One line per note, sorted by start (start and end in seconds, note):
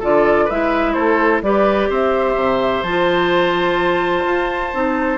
0.00 0.50 D3
0.00 0.49 F4
0.00 0.45 A4
0.00 0.50 D5
0.45 0.95 G#3
0.45 0.92 B4
0.45 0.93 E5
0.51 1.44 E4
0.93 1.42 A3
0.93 1.42 A4
0.93 1.41 C5
1.42 1.89 G3
1.42 2.85 G4
1.42 1.90 B4
1.42 1.91 D5
1.90 2.36 C4
1.90 5.18 C5
1.90 2.83 E5
2.36 2.83 C3
2.83 4.25 F3
2.83 4.74 F4
2.83 5.18 A5
4.25 4.73 F4
4.74 5.18 C4
4.74 5.18 D#4